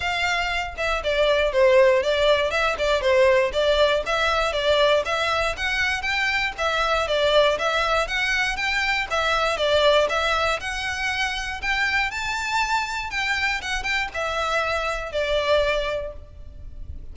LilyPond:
\new Staff \with { instrumentName = "violin" } { \time 4/4 \tempo 4 = 119 f''4. e''8 d''4 c''4 | d''4 e''8 d''8 c''4 d''4 | e''4 d''4 e''4 fis''4 | g''4 e''4 d''4 e''4 |
fis''4 g''4 e''4 d''4 | e''4 fis''2 g''4 | a''2 g''4 fis''8 g''8 | e''2 d''2 | }